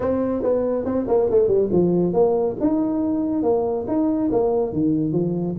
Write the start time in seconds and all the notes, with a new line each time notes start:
0.00 C4
0.42 B3
0.85 C4
1.07 A#3
1.30 A3
1.47 G3
1.72 F3
2.13 A#3
2.60 D#4
3.42 A#3
3.87 D#4
4.31 A#3
4.73 D#3
5.12 F3